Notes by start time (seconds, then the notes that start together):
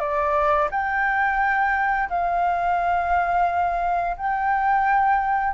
0.00 D5
0.71 G5
2.10 F5
4.18 G5